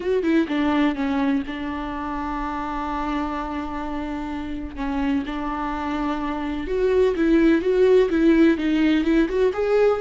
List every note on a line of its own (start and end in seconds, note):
0.00 0.23 F#4
0.23 0.46 E4
0.48 0.95 D4
0.95 1.42 C#4
1.47 4.76 D4
4.76 5.23 C#4
5.26 6.67 D4
6.67 7.14 F#4
7.16 7.61 E4
7.61 8.09 F#4
8.10 8.57 E4
8.57 9.04 D#4
9.04 9.28 E4
9.28 9.52 F#4
9.53 10.00 G#4